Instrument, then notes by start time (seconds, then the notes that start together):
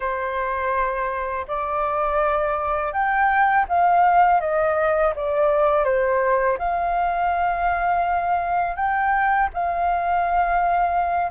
flute
0.00 C5
1.47 D5
2.92 G5
3.68 F5
4.40 D#5
5.15 D5
5.84 C5
6.58 F5
8.76 G5
9.53 F5